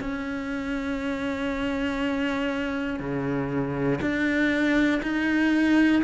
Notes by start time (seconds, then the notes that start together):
0.00 C#4
2.99 C#3
4.01 D4
5.02 D#4